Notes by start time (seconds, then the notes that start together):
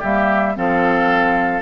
0.00 G3 A#3 G4 E5
0.55 F3 C4 A4 F5